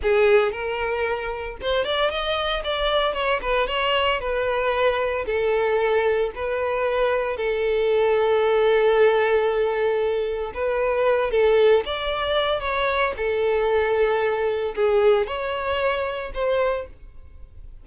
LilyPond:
\new Staff \with { instrumentName = "violin" } { \time 4/4 \tempo 4 = 114 gis'4 ais'2 c''8 d''8 | dis''4 d''4 cis''8 b'8 cis''4 | b'2 a'2 | b'2 a'2~ |
a'1 | b'4. a'4 d''4. | cis''4 a'2. | gis'4 cis''2 c''4 | }